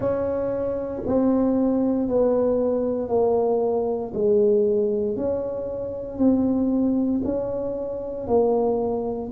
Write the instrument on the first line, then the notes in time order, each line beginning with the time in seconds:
tuba
0.00 C#4
1.06 C4
2.08 B3
3.08 A#3
4.14 G#3
5.16 C#4
6.17 C4
7.24 C#4
8.27 A#3